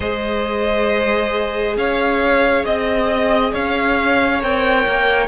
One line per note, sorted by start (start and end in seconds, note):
0.00 1.76 G#3
0.00 4.40 G#4
0.00 1.76 C5
0.00 1.76 D#5
1.76 2.64 C#4
1.76 2.65 C#5
1.76 2.65 F5
2.65 3.53 C4
2.65 3.53 D#5
2.65 3.54 D#5
3.53 4.42 C#4
3.53 5.27 C#5
3.53 4.42 F5
4.40 4.86 C4
4.40 5.27 A#4
4.40 5.27 G5
4.87 5.27 A#3